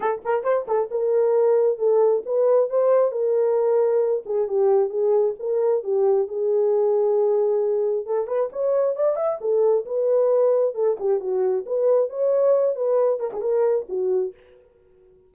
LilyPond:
\new Staff \with { instrumentName = "horn" } { \time 4/4 \tempo 4 = 134 a'8 ais'8 c''8 a'8 ais'2 | a'4 b'4 c''4 ais'4~ | ais'4. gis'8 g'4 gis'4 | ais'4 g'4 gis'2~ |
gis'2 a'8 b'8 cis''4 | d''8 e''8 a'4 b'2 | a'8 g'8 fis'4 b'4 cis''4~ | cis''8 b'4 ais'16 gis'16 ais'4 fis'4 | }